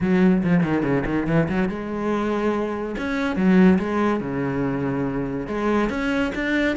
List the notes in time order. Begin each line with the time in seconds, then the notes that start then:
0.00 F#3
0.43 F3
0.63 D#3
0.82 C#3
1.05 D#3
1.26 E3
1.48 F#3
1.68 G#3
2.98 C#4
3.36 F#3
3.78 G#3
4.20 C#3
5.47 G#3
5.89 C#4
6.34 D4